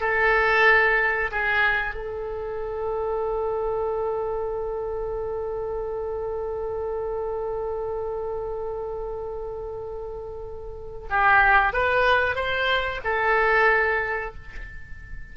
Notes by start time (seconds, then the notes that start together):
0.00 A4
1.31 G#4
1.94 A4
11.10 G4
11.73 B4
12.35 C5
13.04 A4